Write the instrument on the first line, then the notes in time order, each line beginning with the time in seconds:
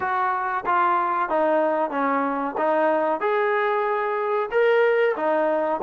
trombone
0.00 F#4
0.65 F4
1.29 D#4
1.90 C#4
2.57 D#4
3.20 G#4
4.51 A#4
5.16 D#4